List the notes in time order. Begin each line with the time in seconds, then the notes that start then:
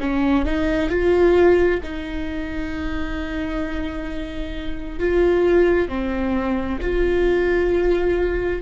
0.00 C#4
0.45 D#4
0.90 F4
1.83 D#4
4.99 F4
5.88 C4
6.81 F4